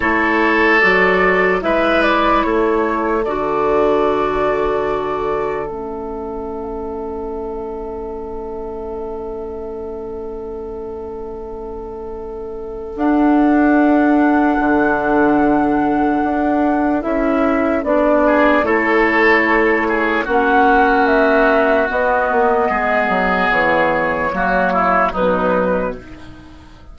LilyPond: <<
  \new Staff \with { instrumentName = "flute" } { \time 4/4 \tempo 4 = 74 cis''4 d''4 e''8 d''8 cis''4 | d''2. e''4~ | e''1~ | e''1 |
fis''1~ | fis''4 e''4 d''4 cis''4~ | cis''4 fis''4 e''4 dis''4~ | dis''4 cis''2 b'4 | }
  \new Staff \with { instrumentName = "oboe" } { \time 4/4 a'2 b'4 a'4~ | a'1~ | a'1~ | a'1~ |
a'1~ | a'2~ a'8 gis'8 a'4~ | a'8 gis'8 fis'2. | gis'2 fis'8 e'8 dis'4 | }
  \new Staff \with { instrumentName = "clarinet" } { \time 4/4 e'4 fis'4 e'2 | fis'2. cis'4~ | cis'1~ | cis'1 |
d'1~ | d'4 e'4 d'4 e'4~ | e'4 cis'2 b4~ | b2 ais4 fis4 | }
  \new Staff \with { instrumentName = "bassoon" } { \time 4/4 a4 fis4 gis4 a4 | d2. a4~ | a1~ | a1 |
d'2 d2 | d'4 cis'4 b4 a4~ | a4 ais2 b8 ais8 | gis8 fis8 e4 fis4 b,4 | }
>>